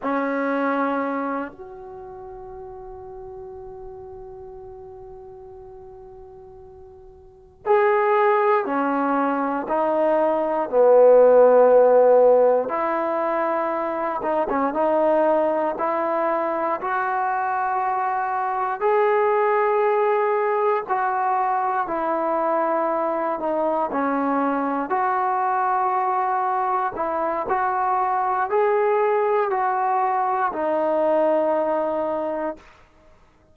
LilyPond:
\new Staff \with { instrumentName = "trombone" } { \time 4/4 \tempo 4 = 59 cis'4. fis'2~ fis'8~ | fis'2.~ fis'8 gis'8~ | gis'8 cis'4 dis'4 b4.~ | b8 e'4. dis'16 cis'16 dis'4 e'8~ |
e'8 fis'2 gis'4.~ | gis'8 fis'4 e'4. dis'8 cis'8~ | cis'8 fis'2 e'8 fis'4 | gis'4 fis'4 dis'2 | }